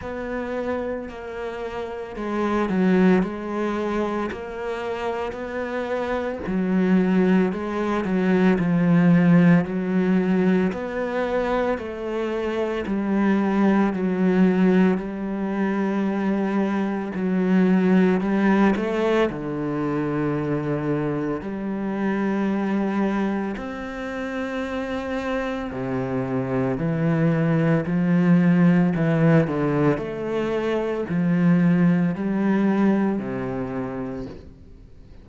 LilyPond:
\new Staff \with { instrumentName = "cello" } { \time 4/4 \tempo 4 = 56 b4 ais4 gis8 fis8 gis4 | ais4 b4 fis4 gis8 fis8 | f4 fis4 b4 a4 | g4 fis4 g2 |
fis4 g8 a8 d2 | g2 c'2 | c4 e4 f4 e8 d8 | a4 f4 g4 c4 | }